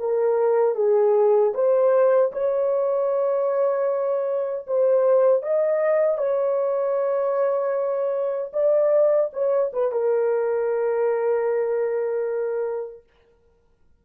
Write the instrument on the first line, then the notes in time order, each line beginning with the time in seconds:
horn
0.00 A#4
0.76 G#4
1.54 C5
2.33 C#5
4.68 C5
5.43 D#5
6.18 C#5
8.54 D5
9.33 C#5
9.74 B4
9.92 A#4